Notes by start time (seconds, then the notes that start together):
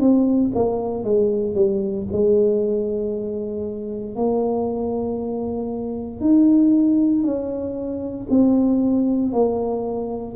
0.00 C4
0.55 A#3
1.04 G#3
1.55 G3
2.12 G#3
4.16 A#3
6.21 D#4
7.24 C#4
8.30 C4
9.32 A#3